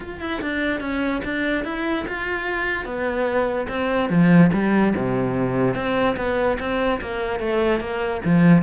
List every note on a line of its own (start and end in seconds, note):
0.00 0.20 F4
0.20 0.41 E4
0.41 0.80 D4
0.80 1.21 C#4
1.24 1.64 D4
1.64 2.05 E4
2.07 2.85 F4
2.85 3.67 B3
3.68 4.09 C4
4.09 4.50 F3
4.52 4.93 G3
4.96 5.75 C3
5.75 6.16 C4
6.16 6.57 B3
6.59 7.00 C4
7.01 7.39 A#3
7.39 7.80 A3
7.80 8.21 A#3
8.25 8.63 F3